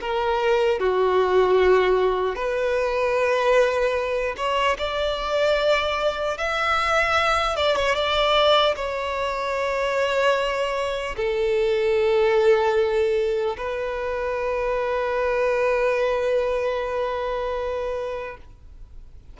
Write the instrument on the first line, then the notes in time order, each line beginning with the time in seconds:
violin
0.00 A#4
0.79 F#4
2.35 B4
4.37 C#5
4.78 D5
6.37 E5
7.56 D5
7.76 C#5
7.95 D5
8.75 C#5
11.16 A4
13.57 B4